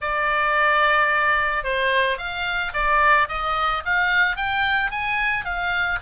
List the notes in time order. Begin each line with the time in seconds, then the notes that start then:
0.01 D5
1.63 C5
2.17 F5
2.73 D5
3.28 D#5
3.85 F5
4.36 G5
4.90 G#5
5.44 F5